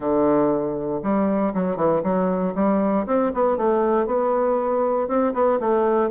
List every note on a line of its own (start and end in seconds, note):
0.00 1.00 D3
1.02 1.53 G3
1.54 1.76 F#3
1.76 2.01 E3
2.03 2.54 F#3
2.54 3.05 G3
3.06 3.31 C4
3.34 3.57 B3
3.57 4.06 A3
4.06 5.07 B3
5.07 5.33 C4
5.33 5.59 B3
5.60 6.10 A3